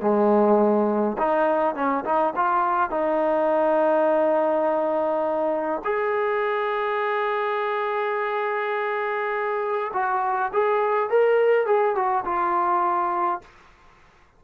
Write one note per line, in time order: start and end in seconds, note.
0.00 1.17 G#3
1.18 1.75 D#4
1.75 2.04 C#4
2.04 2.34 D#4
2.35 2.90 F4
2.90 5.81 D#4
5.84 9.92 G#4
9.93 10.51 F#4
10.53 11.09 G#4
11.09 11.66 A#4
11.66 11.95 G#4
11.95 12.24 F#4
12.25 13.41 F4